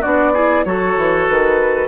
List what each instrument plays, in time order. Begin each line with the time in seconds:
0.00 bassoon B3, clarinet D4, oboe F#4, flute D5
0.32 clarinet E4, oboe G#4
0.64 bassoon F#3, clarinet F#4, oboe A4, flute C#5
0.96 bassoon E3
1.27 bassoon D#3, flute B4